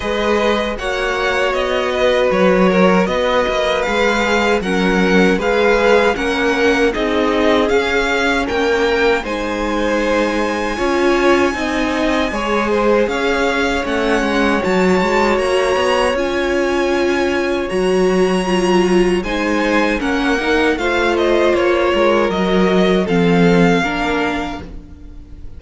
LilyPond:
<<
  \new Staff \with { instrumentName = "violin" } { \time 4/4 \tempo 4 = 78 dis''4 fis''4 dis''4 cis''4 | dis''4 f''4 fis''4 f''4 | fis''4 dis''4 f''4 g''4 | gis''1~ |
gis''4 f''4 fis''4 a''4 | ais''4 gis''2 ais''4~ | ais''4 gis''4 fis''4 f''8 dis''8 | cis''4 dis''4 f''2 | }
  \new Staff \with { instrumentName = "violin" } { \time 4/4 b'4 cis''4. b'4 ais'8 | b'2 ais'4 b'4 | ais'4 gis'2 ais'4 | c''2 cis''4 dis''4 |
cis''8 c''8 cis''2.~ | cis''1~ | cis''4 c''4 ais'4 c''4~ | c''8 ais'4. a'4 ais'4 | }
  \new Staff \with { instrumentName = "viola" } { \time 4/4 gis'4 fis'2.~ | fis'4 gis'4 cis'4 gis'4 | cis'4 dis'4 cis'2 | dis'2 f'4 dis'4 |
gis'2 cis'4 fis'4~ | fis'4 f'2 fis'4 | f'4 dis'4 cis'8 dis'8 f'4~ | f'4 fis'4 c'4 d'4 | }
  \new Staff \with { instrumentName = "cello" } { \time 4/4 gis4 ais4 b4 fis4 | b8 ais8 gis4 fis4 gis4 | ais4 c'4 cis'4 ais4 | gis2 cis'4 c'4 |
gis4 cis'4 a8 gis8 fis8 gis8 | ais8 b8 cis'2 fis4~ | fis4 gis4 ais4 a4 | ais8 gis8 fis4 f4 ais4 | }
>>